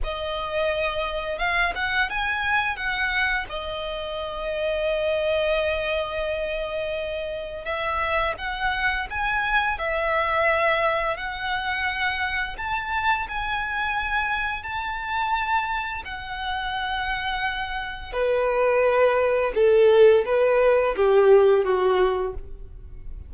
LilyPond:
\new Staff \with { instrumentName = "violin" } { \time 4/4 \tempo 4 = 86 dis''2 f''8 fis''8 gis''4 | fis''4 dis''2.~ | dis''2. e''4 | fis''4 gis''4 e''2 |
fis''2 a''4 gis''4~ | gis''4 a''2 fis''4~ | fis''2 b'2 | a'4 b'4 g'4 fis'4 | }